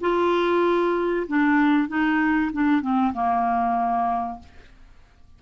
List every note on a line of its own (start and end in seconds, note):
0.00 1.26 F4
1.27 1.88 D4
1.88 2.51 D#4
2.52 2.81 D4
2.81 3.12 C4
3.13 4.39 A#3